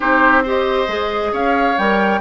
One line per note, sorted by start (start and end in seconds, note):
0.00 0.87 C4
0.00 0.44 D#4
0.00 0.43 G4
0.00 0.44 C5
0.43 0.87 G4
0.43 1.31 C5
0.43 1.34 D#5
0.87 1.32 G#3
0.87 1.75 G#4
1.32 1.76 C#4
1.32 2.20 C#5
1.32 1.78 F5
1.78 2.21 G3
1.78 2.21 A#4
1.78 2.21 G5